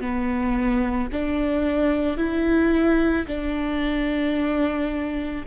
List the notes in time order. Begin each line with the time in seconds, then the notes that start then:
0.00 B3
1.12 D4
2.17 E4
3.27 D4